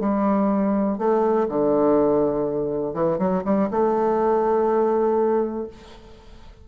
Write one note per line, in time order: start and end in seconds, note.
0.00 0.98 G3
0.98 1.48 A3
1.49 2.94 D3
2.94 3.19 E3
3.19 3.43 F#3
3.45 3.69 G3
3.71 5.68 A3